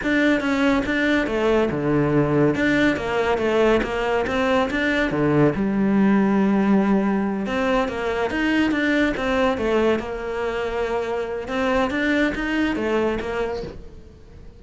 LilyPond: \new Staff \with { instrumentName = "cello" } { \time 4/4 \tempo 4 = 141 d'4 cis'4 d'4 a4 | d2 d'4 ais4 | a4 ais4 c'4 d'4 | d4 g2.~ |
g4. c'4 ais4 dis'8~ | dis'8 d'4 c'4 a4 ais8~ | ais2. c'4 | d'4 dis'4 a4 ais4 | }